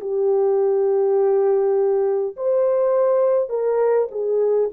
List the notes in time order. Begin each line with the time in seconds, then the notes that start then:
0.00 G4
2.36 C5
3.49 A#4
4.11 G#4